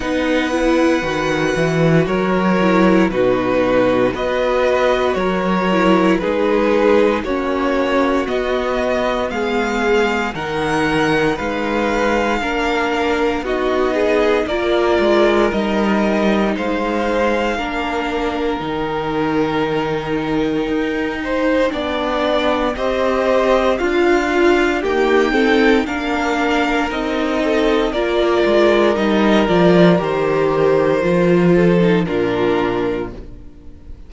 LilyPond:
<<
  \new Staff \with { instrumentName = "violin" } { \time 4/4 \tempo 4 = 58 fis''2 cis''4 b'4 | dis''4 cis''4 b'4 cis''4 | dis''4 f''4 fis''4 f''4~ | f''4 dis''4 d''4 dis''4 |
f''2 g''2~ | g''2 dis''4 f''4 | g''4 f''4 dis''4 d''4 | dis''8 d''8 c''2 ais'4 | }
  \new Staff \with { instrumentName = "violin" } { \time 4/4 b'2 ais'4 fis'4 | b'4 ais'4 gis'4 fis'4~ | fis'4 gis'4 ais'4 b'4 | ais'4 fis'8 gis'8 ais'2 |
c''4 ais'2.~ | ais'8 c''8 d''4 c''4 f'4 | g'8 a'8 ais'4. a'8 ais'4~ | ais'2~ ais'8 a'8 f'4 | }
  \new Staff \with { instrumentName = "viola" } { \time 4/4 dis'8 e'8 fis'4. e'8 dis'4 | fis'4. e'8 dis'4 cis'4 | b2 dis'2 | d'4 dis'4 f'4 dis'4~ |
dis'4 d'4 dis'2~ | dis'4 d'4 g'4 f'4 | ais8 c'8 d'4 dis'4 f'4 | dis'8 f'8 g'4 f'8. dis'16 d'4 | }
  \new Staff \with { instrumentName = "cello" } { \time 4/4 b4 dis8 e8 fis4 b,4 | b4 fis4 gis4 ais4 | b4 gis4 dis4 gis4 | ais4 b4 ais8 gis8 g4 |
gis4 ais4 dis2 | dis'4 b4 c'4 d'4 | dis'4 ais4 c'4 ais8 gis8 | g8 f8 dis4 f4 ais,4 | }
>>